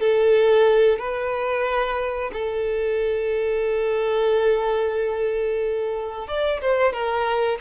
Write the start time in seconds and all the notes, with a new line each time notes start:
0.00 A4
0.99 B4
2.33 A4
6.28 D5
6.61 C5
6.93 A#4